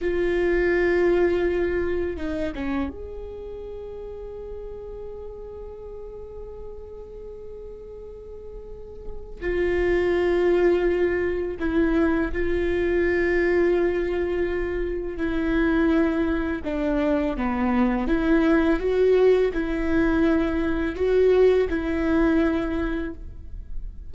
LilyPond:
\new Staff \with { instrumentName = "viola" } { \time 4/4 \tempo 4 = 83 f'2. dis'8 cis'8 | gis'1~ | gis'1~ | gis'4 f'2. |
e'4 f'2.~ | f'4 e'2 d'4 | b4 e'4 fis'4 e'4~ | e'4 fis'4 e'2 | }